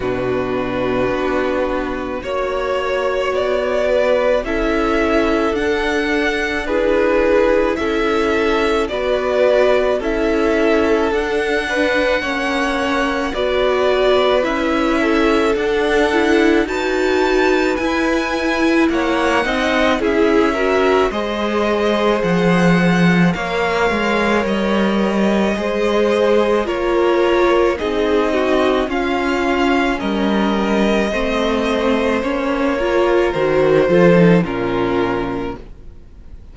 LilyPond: <<
  \new Staff \with { instrumentName = "violin" } { \time 4/4 \tempo 4 = 54 b'2 cis''4 d''4 | e''4 fis''4 b'4 e''4 | d''4 e''4 fis''2 | d''4 e''4 fis''4 a''4 |
gis''4 fis''4 e''4 dis''4 | fis''4 f''4 dis''2 | cis''4 dis''4 f''4 dis''4~ | dis''4 cis''4 c''4 ais'4 | }
  \new Staff \with { instrumentName = "violin" } { \time 4/4 fis'2 cis''4. b'8 | a'2 gis'4 a'4 | b'4 a'4. b'8 cis''4 | b'4. a'4. b'4~ |
b'4 cis''8 dis''8 gis'8 ais'8 c''4~ | c''4 cis''2 c''4 | ais'4 gis'8 fis'8 f'4 ais'4 | c''4. ais'4 a'8 f'4 | }
  \new Staff \with { instrumentName = "viola" } { \time 4/4 d'2 fis'2 | e'4 d'4 e'2 | fis'4 e'4 d'4 cis'4 | fis'4 e'4 d'8 e'8 fis'4 |
e'4. dis'8 e'8 fis'8 gis'4~ | gis'4 ais'2 gis'4 | f'4 dis'4 cis'2 | c'4 cis'8 f'8 fis'8 f'16 dis'16 cis'4 | }
  \new Staff \with { instrumentName = "cello" } { \time 4/4 b,4 b4 ais4 b4 | cis'4 d'2 cis'4 | b4 cis'4 d'4 ais4 | b4 cis'4 d'4 dis'4 |
e'4 ais8 c'8 cis'4 gis4 | f4 ais8 gis8 g4 gis4 | ais4 c'4 cis'4 g4 | a4 ais4 dis8 f8 ais,4 | }
>>